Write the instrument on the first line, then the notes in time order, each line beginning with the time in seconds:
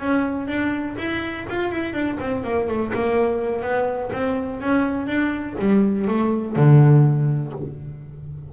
double bass
0.00 C#4
0.47 D4
0.98 E4
1.49 F4
1.72 E4
1.94 D4
2.20 C4
2.44 A#3
2.68 A3
2.94 A#3
3.62 B3
4.13 C4
4.61 C#4
5.07 D4
5.59 G3
6.08 A3
6.56 D3